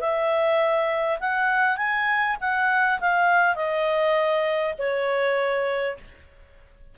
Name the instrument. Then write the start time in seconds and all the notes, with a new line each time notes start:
clarinet
0.00 E5
1.19 F#5
1.77 G#5
2.40 F#5
3.00 F5
3.55 D#5
4.78 C#5